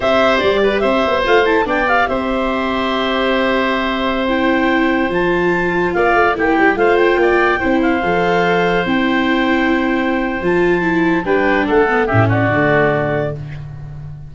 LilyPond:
<<
  \new Staff \with { instrumentName = "clarinet" } { \time 4/4 \tempo 4 = 144 e''4 d''4 e''4 f''8 a''8 | g''8 f''8 e''2.~ | e''2~ e''16 g''4.~ g''16~ | g''16 a''2 f''4 g''8.~ |
g''16 f''8 g''2 f''4~ f''16~ | f''4~ f''16 g''2~ g''8.~ | g''4 a''2 g''4 | fis''4 e''8 d''2~ d''8 | }
  \new Staff \with { instrumentName = "oboe" } { \time 4/4 c''4. b'8 c''2 | d''4 c''2.~ | c''1~ | c''2~ c''16 d''4 g'8.~ |
g'16 c''4 d''4 c''4.~ c''16~ | c''1~ | c''2. b'4 | a'4 g'8 fis'2~ fis'8 | }
  \new Staff \with { instrumentName = "viola" } { \time 4/4 g'2. f'8 e'8 | d'8 g'2.~ g'8~ | g'2~ g'16 e'4.~ e'16~ | e'16 f'2. e'8.~ |
e'16 f'2 e'4 a'8.~ | a'4~ a'16 e'2~ e'8.~ | e'4 f'4 e'4 d'4~ | d'8 b8 cis'4 a2 | }
  \new Staff \with { instrumentName = "tuba" } { \time 4/4 c'4 g4 c'8 b8 a4 | b4 c'2.~ | c'1~ | c'16 f2 ais8 a8 ais8 g16~ |
g16 a4 ais4 c'4 f8.~ | f4~ f16 c'2~ c'8.~ | c'4 f2 g4 | a4 a,4 d2 | }
>>